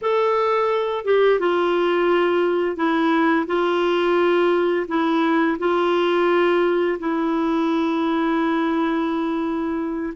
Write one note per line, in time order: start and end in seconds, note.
0.01 1.05 A4
1.05 1.40 G4
1.40 2.76 F4
2.76 3.46 E4
3.47 4.86 F4
4.87 5.57 E4
5.58 6.98 F4
6.99 10.13 E4